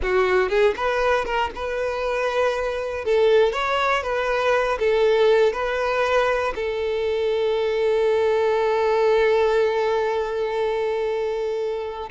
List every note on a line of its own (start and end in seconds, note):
0.02 0.49 F#4
0.49 0.74 G#4
0.76 1.25 B4
1.25 1.50 A#4
1.55 3.04 B4
3.04 3.52 A4
3.52 4.02 C#5
4.02 4.78 B4
4.79 5.52 A4
5.52 6.53 B4
6.55 12.09 A4